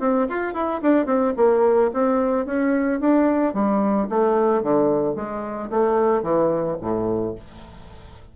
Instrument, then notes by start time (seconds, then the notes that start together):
bassoon
0.00 C4
0.29 F4
0.54 E4
0.82 D4
1.06 C4
1.36 A#3
1.94 C4
2.46 C#4
3.00 D4
3.54 G3
4.09 A3
4.63 D3
5.15 G#3
5.70 A3
6.23 E3
6.81 A2